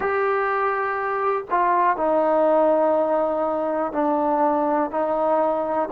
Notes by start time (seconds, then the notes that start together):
0.00 G4
1.50 F4
1.96 D#4
3.92 D4
4.90 D#4